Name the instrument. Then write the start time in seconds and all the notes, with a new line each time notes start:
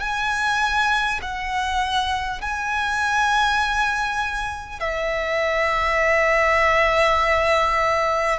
violin
0.00 G#5
1.22 F#5
2.41 G#5
4.79 E5